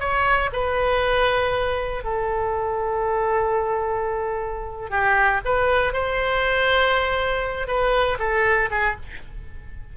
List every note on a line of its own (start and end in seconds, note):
0.00 0.50 C#5
0.53 2.04 B4
2.04 4.90 A4
4.90 5.41 G4
5.45 5.94 B4
5.94 7.68 C5
7.68 8.18 B4
8.19 8.70 A4
8.71 8.96 G#4